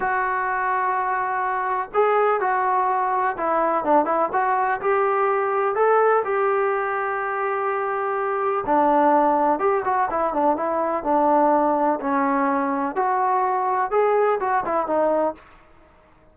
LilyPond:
\new Staff \with { instrumentName = "trombone" } { \time 4/4 \tempo 4 = 125 fis'1 | gis'4 fis'2 e'4 | d'8 e'8 fis'4 g'2 | a'4 g'2.~ |
g'2 d'2 | g'8 fis'8 e'8 d'8 e'4 d'4~ | d'4 cis'2 fis'4~ | fis'4 gis'4 fis'8 e'8 dis'4 | }